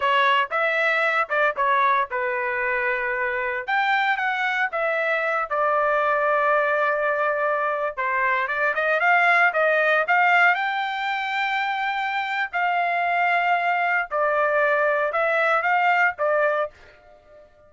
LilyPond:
\new Staff \with { instrumentName = "trumpet" } { \time 4/4 \tempo 4 = 115 cis''4 e''4. d''8 cis''4 | b'2. g''4 | fis''4 e''4. d''4.~ | d''2.~ d''16 c''8.~ |
c''16 d''8 dis''8 f''4 dis''4 f''8.~ | f''16 g''2.~ g''8. | f''2. d''4~ | d''4 e''4 f''4 d''4 | }